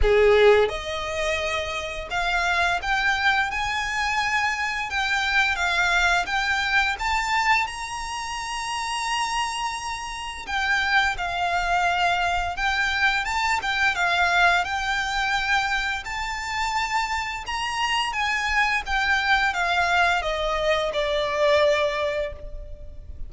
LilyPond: \new Staff \with { instrumentName = "violin" } { \time 4/4 \tempo 4 = 86 gis'4 dis''2 f''4 | g''4 gis''2 g''4 | f''4 g''4 a''4 ais''4~ | ais''2. g''4 |
f''2 g''4 a''8 g''8 | f''4 g''2 a''4~ | a''4 ais''4 gis''4 g''4 | f''4 dis''4 d''2 | }